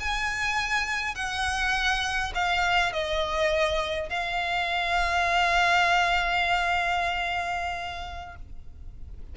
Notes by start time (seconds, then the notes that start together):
0.00 G#5
1.16 F#5
2.35 F5
2.93 D#5
4.10 F5